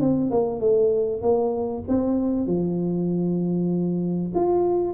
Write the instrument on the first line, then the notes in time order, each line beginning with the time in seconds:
tuba
0.00 C4
0.31 A#3
0.60 A3
1.21 A#3
1.88 C4
2.46 F3
4.35 F4